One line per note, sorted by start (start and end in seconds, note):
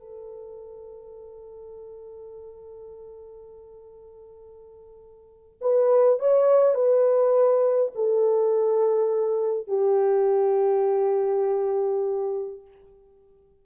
0.00 5.59 A4
5.61 6.20 B4
6.20 6.75 C#5
6.75 7.93 B4
7.95 9.68 A4
9.68 12.62 G4